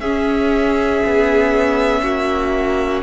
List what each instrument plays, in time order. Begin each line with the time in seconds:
0.00 cello C#4, viola C#4, violin G#4 E5
1.05 cello B3
2.03 cello A#3, violin F#4